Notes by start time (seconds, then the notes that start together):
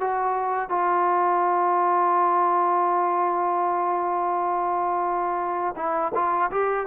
0.00 F#4
0.68 F4
5.76 E4
6.14 F4
6.50 G4